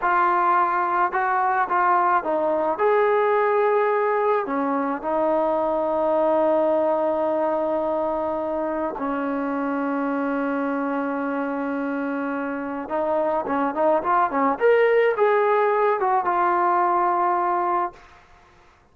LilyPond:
\new Staff \with { instrumentName = "trombone" } { \time 4/4 \tempo 4 = 107 f'2 fis'4 f'4 | dis'4 gis'2. | cis'4 dis'2.~ | dis'1 |
cis'1~ | cis'2. dis'4 | cis'8 dis'8 f'8 cis'8 ais'4 gis'4~ | gis'8 fis'8 f'2. | }